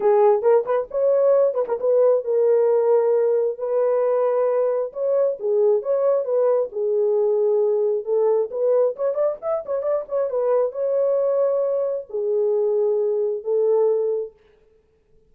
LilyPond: \new Staff \with { instrumentName = "horn" } { \time 4/4 \tempo 4 = 134 gis'4 ais'8 b'8 cis''4. b'16 ais'16 | b'4 ais'2. | b'2. cis''4 | gis'4 cis''4 b'4 gis'4~ |
gis'2 a'4 b'4 | cis''8 d''8 e''8 cis''8 d''8 cis''8 b'4 | cis''2. gis'4~ | gis'2 a'2 | }